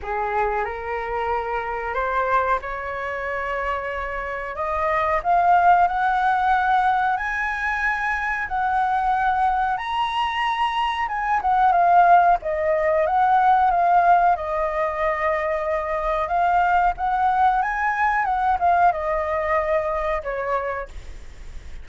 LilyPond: \new Staff \with { instrumentName = "flute" } { \time 4/4 \tempo 4 = 92 gis'4 ais'2 c''4 | cis''2. dis''4 | f''4 fis''2 gis''4~ | gis''4 fis''2 ais''4~ |
ais''4 gis''8 fis''8 f''4 dis''4 | fis''4 f''4 dis''2~ | dis''4 f''4 fis''4 gis''4 | fis''8 f''8 dis''2 cis''4 | }